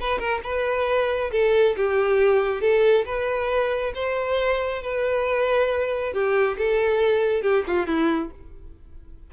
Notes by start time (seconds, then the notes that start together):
0.00 B4
0.19 A#4
0.43 B4
1.32 A4
1.77 G4
2.61 A4
3.05 B4
3.94 C5
4.82 B4
6.13 G4
6.58 A4
7.42 G4
7.67 F4
7.87 E4